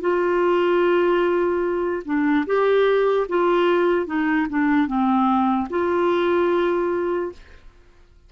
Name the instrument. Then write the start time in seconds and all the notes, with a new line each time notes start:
clarinet
0.00 F4
2.05 D4
2.45 G4
3.28 F4
4.06 D#4
4.49 D4
4.86 C4
5.69 F4